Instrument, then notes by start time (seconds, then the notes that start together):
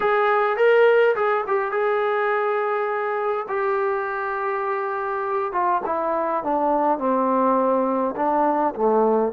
trombone
0.00 G#4
0.56 A#4
1.15 G#4
1.47 G4
1.71 G#4
3.48 G4
5.52 F4
5.85 E4
6.43 D4
6.98 C4
8.16 D4
8.75 A3